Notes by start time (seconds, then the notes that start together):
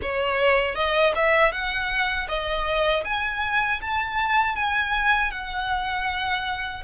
0.02 C#5
0.75 D#5
1.15 E5
1.52 F#5
2.28 D#5
3.04 G#5
3.81 A5
4.55 G#5
5.31 F#5